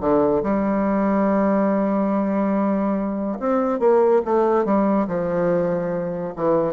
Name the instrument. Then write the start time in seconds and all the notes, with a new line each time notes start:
bassoon
0.00 D3
0.43 G3
3.39 C4
3.79 A#3
4.25 A3
4.64 G3
5.07 F3
6.36 E3